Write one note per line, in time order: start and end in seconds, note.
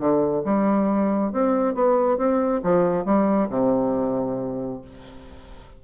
0.00 0.44 D3
0.45 1.33 G3
1.33 1.75 C4
1.75 2.18 B3
2.18 2.62 C4
2.64 3.06 F3
3.06 3.50 G3
3.50 4.82 C3